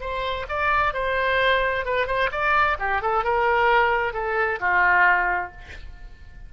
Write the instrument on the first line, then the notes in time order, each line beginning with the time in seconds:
oboe
0.00 C5
0.49 D5
0.93 C5
1.85 B4
2.07 C5
2.31 D5
2.79 G4
3.01 A4
3.24 A#4
4.13 A4
4.59 F4